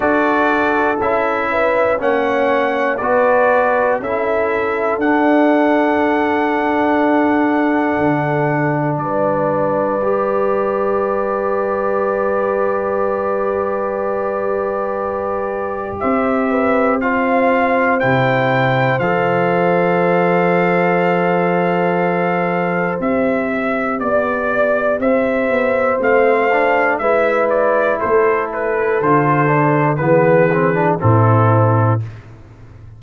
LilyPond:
<<
  \new Staff \with { instrumentName = "trumpet" } { \time 4/4 \tempo 4 = 60 d''4 e''4 fis''4 d''4 | e''4 fis''2.~ | fis''4 d''2.~ | d''1 |
e''4 f''4 g''4 f''4~ | f''2. e''4 | d''4 e''4 f''4 e''8 d''8 | c''8 b'8 c''4 b'4 a'4 | }
  \new Staff \with { instrumentName = "horn" } { \time 4/4 a'4. b'8 cis''4 b'4 | a'1~ | a'4 b'2.~ | b'1 |
c''8 b'8 c''2.~ | c''1 | d''4 c''2 b'4 | a'2 gis'4 e'4 | }
  \new Staff \with { instrumentName = "trombone" } { \time 4/4 fis'4 e'4 cis'4 fis'4 | e'4 d'2.~ | d'2 g'2~ | g'1~ |
g'4 f'4 e'4 a'4~ | a'2. g'4~ | g'2 c'8 d'8 e'4~ | e'4 f'8 d'8 b8 c'16 d'16 c'4 | }
  \new Staff \with { instrumentName = "tuba" } { \time 4/4 d'4 cis'4 ais4 b4 | cis'4 d'2. | d4 g2.~ | g1 |
c'2 c4 f4~ | f2. c'4 | b4 c'8 b8 a4 gis4 | a4 d4 e4 a,4 | }
>>